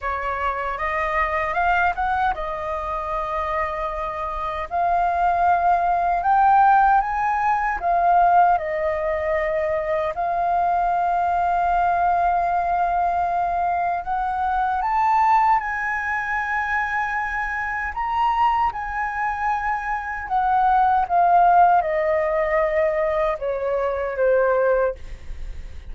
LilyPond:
\new Staff \with { instrumentName = "flute" } { \time 4/4 \tempo 4 = 77 cis''4 dis''4 f''8 fis''8 dis''4~ | dis''2 f''2 | g''4 gis''4 f''4 dis''4~ | dis''4 f''2.~ |
f''2 fis''4 a''4 | gis''2. ais''4 | gis''2 fis''4 f''4 | dis''2 cis''4 c''4 | }